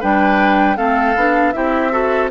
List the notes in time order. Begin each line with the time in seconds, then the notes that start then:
0.00 G3 D4 B4 G5
0.77 A3 C4 A4 F5
1.16 B3 D4
1.52 C4 E4 G4 E5
1.91 F#4 A4